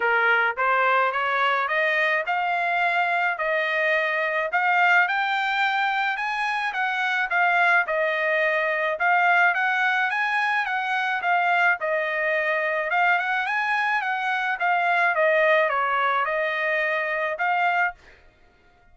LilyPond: \new Staff \with { instrumentName = "trumpet" } { \time 4/4 \tempo 4 = 107 ais'4 c''4 cis''4 dis''4 | f''2 dis''2 | f''4 g''2 gis''4 | fis''4 f''4 dis''2 |
f''4 fis''4 gis''4 fis''4 | f''4 dis''2 f''8 fis''8 | gis''4 fis''4 f''4 dis''4 | cis''4 dis''2 f''4 | }